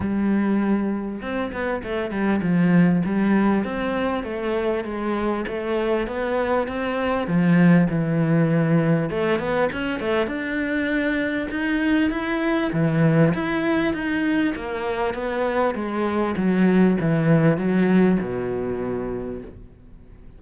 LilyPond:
\new Staff \with { instrumentName = "cello" } { \time 4/4 \tempo 4 = 99 g2 c'8 b8 a8 g8 | f4 g4 c'4 a4 | gis4 a4 b4 c'4 | f4 e2 a8 b8 |
cis'8 a8 d'2 dis'4 | e'4 e4 e'4 dis'4 | ais4 b4 gis4 fis4 | e4 fis4 b,2 | }